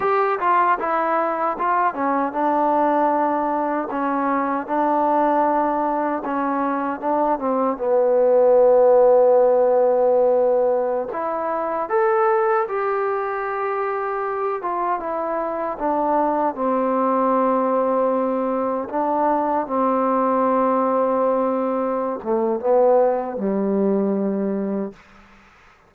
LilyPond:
\new Staff \with { instrumentName = "trombone" } { \time 4/4 \tempo 4 = 77 g'8 f'8 e'4 f'8 cis'8 d'4~ | d'4 cis'4 d'2 | cis'4 d'8 c'8 b2~ | b2~ b16 e'4 a'8.~ |
a'16 g'2~ g'8 f'8 e'8.~ | e'16 d'4 c'2~ c'8.~ | c'16 d'4 c'2~ c'8.~ | c'8 a8 b4 g2 | }